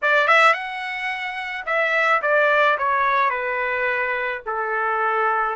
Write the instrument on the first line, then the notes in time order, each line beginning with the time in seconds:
trumpet
0.02 D5
0.27 E5
0.53 F#5
1.66 E5
2.22 D5
2.78 C#5
3.30 B4
4.46 A4